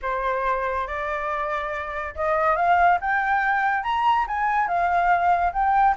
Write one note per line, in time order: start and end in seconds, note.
0.02 0.87 C5
0.87 2.14 D5
2.15 2.56 D#5
2.56 2.98 F5
3.01 3.83 G5
3.83 4.26 A#5
4.27 4.67 G#5
4.67 5.52 F5
5.52 5.95 G5